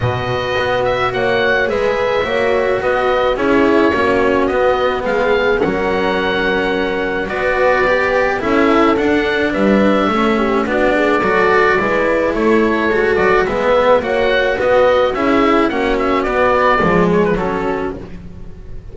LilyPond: <<
  \new Staff \with { instrumentName = "oboe" } { \time 4/4 \tempo 4 = 107 dis''4. e''8 fis''4 e''4~ | e''4 dis''4 cis''2 | dis''4 f''4 fis''2~ | fis''4 d''2 e''4 |
fis''4 e''2 d''4~ | d''2 cis''4. d''8 | e''4 fis''4 dis''4 e''4 | fis''8 e''8 d''4. cis''16 b'16 a'4 | }
  \new Staff \with { instrumentName = "horn" } { \time 4/4 b'2 cis''4 b'4 | cis''4 b'4 gis'4 fis'4~ | fis'4 gis'4 ais'2~ | ais'4 b'2 a'4~ |
a'4 b'4 a'8 g'8 fis'8 gis'8 | a'4 b'4 a'2 | b'4 cis''4 b'4 gis'4 | fis'2 gis'4 fis'4 | }
  \new Staff \with { instrumentName = "cello" } { \time 4/4 fis'2. gis'4 | fis'2 e'4 cis'4 | b2 cis'2~ | cis'4 fis'4 g'4 e'4 |
d'2 cis'4 d'4 | fis'4 e'2 fis'4 | b4 fis'2 e'4 | cis'4 b4 gis4 cis'4 | }
  \new Staff \with { instrumentName = "double bass" } { \time 4/4 b,4 b4 ais4 gis4 | ais4 b4 cis'4 ais4 | b4 gis4 fis2~ | fis4 b2 cis'4 |
d'4 g4 a4 b4 | fis4 gis4 a4 gis8 fis8 | gis4 ais4 b4 cis'4 | ais4 b4 f4 fis4 | }
>>